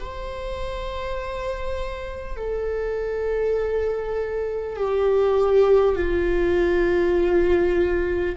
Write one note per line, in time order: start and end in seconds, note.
0.00 2.37 C5
2.37 4.77 A4
4.77 5.96 G4
5.96 8.36 F4